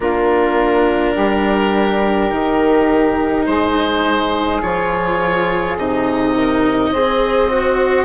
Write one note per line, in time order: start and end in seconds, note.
0.00 1.13 A#3
0.00 2.30 D4
0.00 1.14 F4
0.00 3.46 A#4
1.14 2.31 G3
1.14 3.45 G4
2.30 3.46 D#3
2.30 4.60 D#4
3.46 4.62 G#3
3.46 6.35 G#4
3.46 4.61 C5
4.61 5.76 F3
4.61 5.77 F4
4.61 5.77 C#5
5.76 6.92 C3
5.76 6.94 D#4
5.76 8.05 D#5
6.36 6.90 A#4
6.90 8.05 C4
6.90 7.48 G#4
6.90 8.05 C5
7.48 8.05 F#4